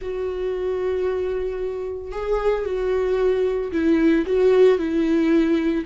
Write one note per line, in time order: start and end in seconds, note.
0.01 2.12 F#4
2.12 2.65 G#4
2.65 3.71 F#4
3.72 4.25 E4
4.26 4.78 F#4
4.78 5.84 E4